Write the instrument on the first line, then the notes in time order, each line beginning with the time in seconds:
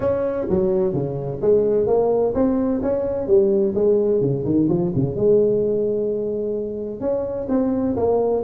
tuba
0.00 C#4
0.49 F#3
0.93 C#3
1.41 G#3
1.86 A#3
2.34 C4
2.82 C#4
3.27 G3
3.74 G#3
4.21 C#3
4.44 D#3
4.68 F3
4.95 C#3
5.15 G#3
7.00 C#4
7.48 C4
7.96 A#3